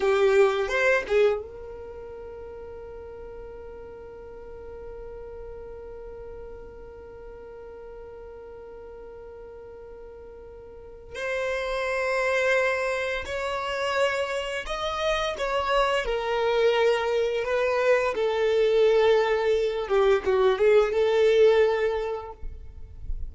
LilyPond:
\new Staff \with { instrumentName = "violin" } { \time 4/4 \tempo 4 = 86 g'4 c''8 gis'8 ais'2~ | ais'1~ | ais'1~ | ais'1 |
c''2. cis''4~ | cis''4 dis''4 cis''4 ais'4~ | ais'4 b'4 a'2~ | a'8 g'8 fis'8 gis'8 a'2 | }